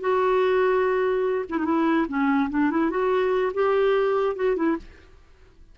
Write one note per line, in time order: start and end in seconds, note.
0.00 1.45 F#4
1.49 1.58 E4
1.58 1.65 D#4
1.65 2.07 E4
2.08 2.49 C#4
2.50 2.70 D4
2.71 2.90 E4
2.90 3.52 F#4
3.54 4.36 G4
4.36 4.56 F#4
4.56 4.77 E4